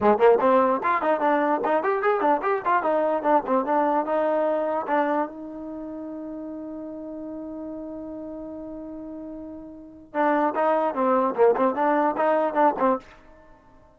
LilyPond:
\new Staff \with { instrumentName = "trombone" } { \time 4/4 \tempo 4 = 148 gis8 ais8 c'4 f'8 dis'8 d'4 | dis'8 g'8 gis'8 d'8 g'8 f'8 dis'4 | d'8 c'8 d'4 dis'2 | d'4 dis'2.~ |
dis'1~ | dis'1~ | dis'4 d'4 dis'4 c'4 | ais8 c'8 d'4 dis'4 d'8 c'8 | }